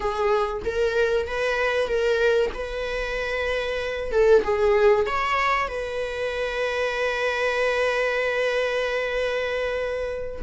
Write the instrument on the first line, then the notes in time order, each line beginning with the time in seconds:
viola
0.00 G#4
0.64 A#4
1.27 B4
1.87 A#4
2.53 B4
4.11 A4
4.44 G#4
5.06 C#5
5.68 B4